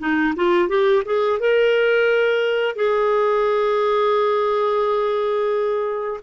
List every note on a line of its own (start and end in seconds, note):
0.00 0.34 D#4
0.36 0.69 F4
0.69 1.03 G4
1.06 1.40 G#4
1.40 2.76 A#4
2.76 6.21 G#4